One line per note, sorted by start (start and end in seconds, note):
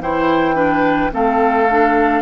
0.00 1.11 E3
0.00 0.55 E4
0.00 0.55 C5
0.00 1.12 G5
0.55 1.10 D4
0.55 1.11 B4
1.12 2.22 A3
1.12 1.67 C4
1.12 2.22 A4
1.12 2.22 F5
1.71 2.22 D4